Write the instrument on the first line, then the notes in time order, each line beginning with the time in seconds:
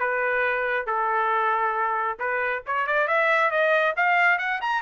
trumpet
0.00 B4
0.87 A4
2.20 B4
2.67 C#5
2.87 D5
3.08 E5
3.51 D#5
3.97 F5
4.39 F#5
4.61 A#5